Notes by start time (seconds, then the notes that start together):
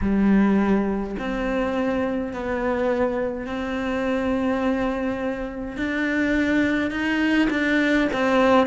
0.01 G3
1.19 C4
2.33 B3
3.46 C4
5.76 D4
6.90 D#4
7.50 D4
8.12 C4